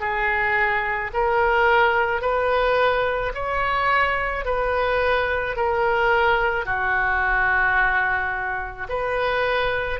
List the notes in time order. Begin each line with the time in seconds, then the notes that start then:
0.00 G#4
1.13 A#4
2.21 B4
3.34 C#5
4.44 B4
5.56 A#4
6.65 F#4
8.89 B4